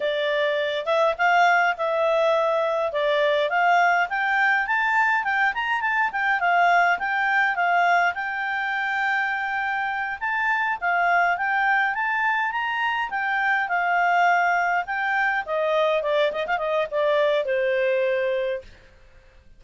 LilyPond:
\new Staff \with { instrumentName = "clarinet" } { \time 4/4 \tempo 4 = 103 d''4. e''8 f''4 e''4~ | e''4 d''4 f''4 g''4 | a''4 g''8 ais''8 a''8 g''8 f''4 | g''4 f''4 g''2~ |
g''4. a''4 f''4 g''8~ | g''8 a''4 ais''4 g''4 f''8~ | f''4. g''4 dis''4 d''8 | dis''16 f''16 dis''8 d''4 c''2 | }